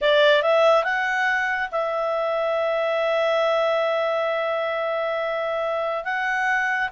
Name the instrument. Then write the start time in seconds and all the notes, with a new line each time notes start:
clarinet
0.01 D5
0.42 E5
0.84 F#5
1.71 E5
6.04 F#5